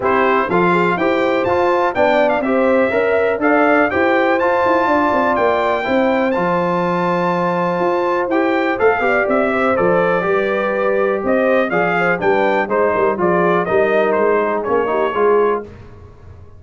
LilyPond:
<<
  \new Staff \with { instrumentName = "trumpet" } { \time 4/4 \tempo 4 = 123 c''4 f''4 g''4 a''4 | g''8. f''16 e''2 f''4 | g''4 a''2 g''4~ | g''4 a''2.~ |
a''4 g''4 f''4 e''4 | d''2. dis''4 | f''4 g''4 c''4 d''4 | dis''4 c''4 cis''2 | }
  \new Staff \with { instrumentName = "horn" } { \time 4/4 g'4 a'8 gis'8 c''2 | d''4 c''4 e''4 d''4 | c''2 d''2 | c''1~ |
c''2~ c''8 d''4 c''8~ | c''4 b'2 c''4 | d''8 c''8 b'4 c''8 ais'8 gis'4 | ais'4. gis'4 g'8 gis'4 | }
  \new Staff \with { instrumentName = "trombone" } { \time 4/4 e'4 f'4 g'4 f'4 | d'4 g'4 ais'4 a'4 | g'4 f'2. | e'4 f'2.~ |
f'4 g'4 a'8 g'4. | a'4 g'2. | gis'4 d'4 dis'4 f'4 | dis'2 cis'8 dis'8 f'4 | }
  \new Staff \with { instrumentName = "tuba" } { \time 4/4 c'4 f4 e'4 f'4 | b4 c'4 cis'4 d'4 | e'4 f'8 e'8 d'8 c'8 ais4 | c'4 f2. |
f'4 e'4 a8 b8 c'4 | f4 g2 c'4 | f4 g4 gis8 g8 f4 | g4 gis4 ais4 gis4 | }
>>